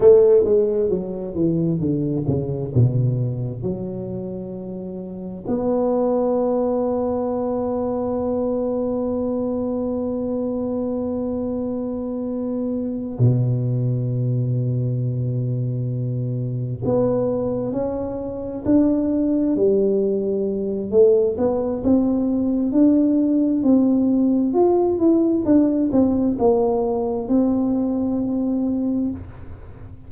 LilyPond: \new Staff \with { instrumentName = "tuba" } { \time 4/4 \tempo 4 = 66 a8 gis8 fis8 e8 d8 cis8 b,4 | fis2 b2~ | b1~ | b2~ b8 b,4.~ |
b,2~ b,8 b4 cis'8~ | cis'8 d'4 g4. a8 b8 | c'4 d'4 c'4 f'8 e'8 | d'8 c'8 ais4 c'2 | }